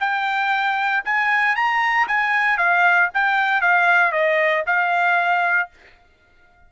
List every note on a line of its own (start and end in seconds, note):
0.00 1.03 G5
1.05 1.55 G#5
1.55 2.07 A#5
2.08 2.58 G#5
2.58 3.09 F5
3.14 3.61 G5
3.61 4.12 F5
4.12 4.64 D#5
4.66 5.70 F5